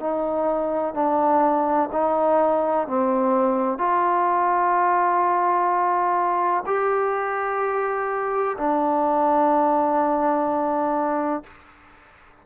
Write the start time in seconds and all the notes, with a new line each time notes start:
0.00 D#4
0.94 D4
1.92 D#4
2.87 C4
3.78 F4
6.66 G4
8.58 D4